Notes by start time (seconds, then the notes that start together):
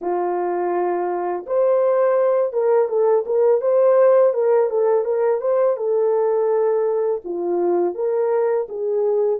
0.01 F4
1.46 C5
2.53 A#4
2.88 A4
3.26 A#4
3.61 C5
4.33 A#4
4.70 A4
5.04 A#4
5.40 C5
5.76 A4
7.24 F4
7.95 A#4
8.68 G#4